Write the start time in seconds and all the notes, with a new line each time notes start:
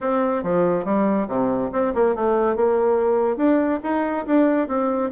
0.00 C4
0.43 F3
0.85 G3
1.28 C3
1.72 C4
1.94 A#3
2.15 A3
2.56 A#3
3.37 D4
3.83 D#4
4.26 D4
4.68 C4